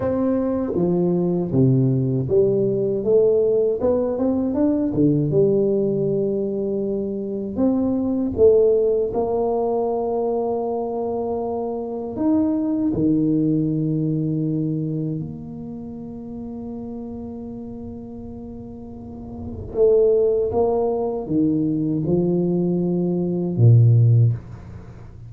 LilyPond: \new Staff \with { instrumentName = "tuba" } { \time 4/4 \tempo 4 = 79 c'4 f4 c4 g4 | a4 b8 c'8 d'8 d8 g4~ | g2 c'4 a4 | ais1 |
dis'4 dis2. | ais1~ | ais2 a4 ais4 | dis4 f2 ais,4 | }